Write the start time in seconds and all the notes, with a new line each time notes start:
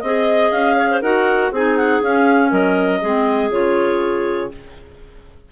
0.00 C4 G#4 D#5
0.51 C#4 F5
0.76 C#5
0.91 C5
1.02 D#4 F#4 A#4 F#5
1.51 C4 D#4 G#4 G#5
1.77 F#5
2.02 C#4 F5
2.49 F#3 A#4 D#5
3.01 G#3 C4 G#4
3.51 C#3 F4 C#5